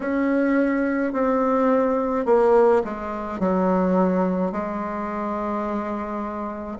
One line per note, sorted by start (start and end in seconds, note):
0.00 1.12 C#4
1.12 2.25 C4
2.25 2.82 A#3
2.84 3.39 G#3
3.39 4.51 F#3
4.51 6.78 G#3